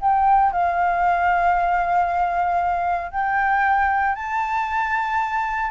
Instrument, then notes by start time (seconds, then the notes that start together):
flute
0.00 G5
0.51 F5
3.11 G5
4.15 A5